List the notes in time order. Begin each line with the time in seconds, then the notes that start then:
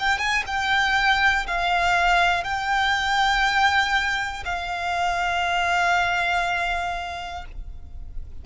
0.00 G5
0.19 G#5
0.47 G5
1.48 F5
2.45 G5
4.46 F5